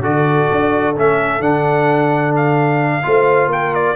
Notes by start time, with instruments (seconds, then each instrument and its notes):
0.00 tuba D3, trombone F#4, horn A4, trumpet D5
0.51 tuba D4
0.96 tuba A3, trombone C#4, trumpet E5
1.40 tuba D3, trombone D4, trumpet F#5
2.36 trumpet F5
3.03 tuba A3, trombone F4, horn C5
3.47 tuba A#3, horn A#4, trumpet G5
3.74 trumpet D5